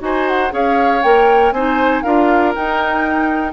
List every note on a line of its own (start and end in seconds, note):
0.00 0.51 D#4
0.00 0.50 F#4
0.00 0.53 C5
0.00 0.28 G#5
0.28 0.53 F#5
0.51 1.03 C#4
0.51 1.01 G#4
0.51 1.54 C#5
0.51 1.03 F5
1.03 1.52 A#3
1.03 1.55 A#4
1.03 1.52 G5
1.52 2.03 C4
1.52 2.05 D#4
1.52 2.04 C5
1.52 2.03 G#5
2.03 2.56 D4
2.03 2.55 F4
2.03 3.53 A#4
2.03 2.53 F5
2.55 3.53 D#4
2.55 3.53 G5